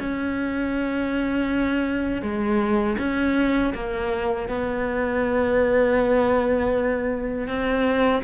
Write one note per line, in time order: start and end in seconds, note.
0.00 2.22 C#4
2.22 2.97 G#3
2.99 3.74 C#4
3.74 4.49 A#3
4.49 7.48 B3
7.48 8.23 C4